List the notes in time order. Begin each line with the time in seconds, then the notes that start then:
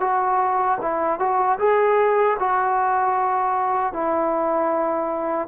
0.00 F#4
0.81 E4
1.19 F#4
1.59 G#4
2.39 F#4
3.93 E4